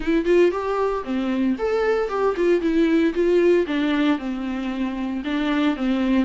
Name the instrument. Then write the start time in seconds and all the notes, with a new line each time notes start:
viola
0.00 E4
0.25 F4
0.51 G4
1.04 C4
1.58 A4
2.09 G4
2.36 F4
2.61 E4
3.14 F4
3.66 D4
4.18 C4
5.24 D4
5.76 C4